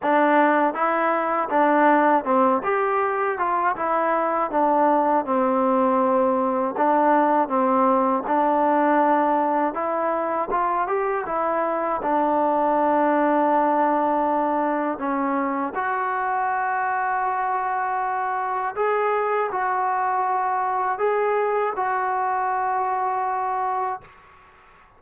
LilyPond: \new Staff \with { instrumentName = "trombone" } { \time 4/4 \tempo 4 = 80 d'4 e'4 d'4 c'8 g'8~ | g'8 f'8 e'4 d'4 c'4~ | c'4 d'4 c'4 d'4~ | d'4 e'4 f'8 g'8 e'4 |
d'1 | cis'4 fis'2.~ | fis'4 gis'4 fis'2 | gis'4 fis'2. | }